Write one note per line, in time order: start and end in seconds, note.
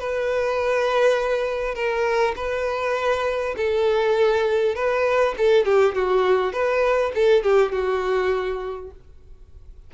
0.00 1.75 B4
1.75 2.35 A#4
2.37 3.55 B4
3.57 4.76 A4
4.76 5.35 B4
5.38 5.66 A4
5.66 5.95 G4
5.95 6.53 F#4
6.53 7.12 B4
7.15 7.43 A4
7.43 7.72 G4
7.72 8.91 F#4